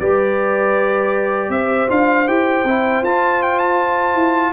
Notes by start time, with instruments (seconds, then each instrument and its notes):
0.00 tuba G3, trombone G4, horn B4, trumpet D5
1.49 tuba C4, horn C5, trumpet E5
1.89 tuba D4, trombone F4, trumpet F5
2.28 tuba E4, trombone G4, trumpet G5
2.65 tuba C4, trombone E4
3.03 tuba F4, trombone F4, trumpet A5
3.43 trumpet G5
3.59 trumpet A5
4.15 tuba E4